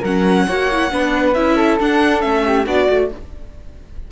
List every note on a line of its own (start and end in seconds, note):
0.00 0.47 F#3
0.00 0.48 C#4
0.00 0.44 A#4
0.00 1.33 F#5
0.47 0.92 A#3
0.47 0.70 F#4
0.47 0.91 C#5
0.71 0.90 E4
0.90 1.35 B3
0.90 1.34 D4
0.90 1.55 B4
1.33 1.79 C#4
1.33 1.79 E4
1.33 1.77 E5
1.55 2.43 A4
1.80 2.20 D4
1.80 2.23 D4
1.80 2.21 F#5
2.20 2.66 A3
2.20 2.64 C#4
2.20 2.65 E5
2.46 2.65 G4
2.65 2.88 B3
2.65 2.87 D4
2.65 3.08 F#4
2.65 3.11 D5
2.88 3.11 A3
2.88 3.10 F#4